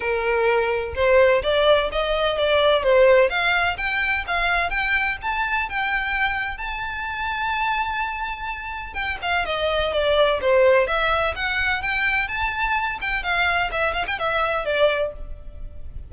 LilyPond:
\new Staff \with { instrumentName = "violin" } { \time 4/4 \tempo 4 = 127 ais'2 c''4 d''4 | dis''4 d''4 c''4 f''4 | g''4 f''4 g''4 a''4 | g''2 a''2~ |
a''2. g''8 f''8 | dis''4 d''4 c''4 e''4 | fis''4 g''4 a''4. g''8 | f''4 e''8 f''16 g''16 e''4 d''4 | }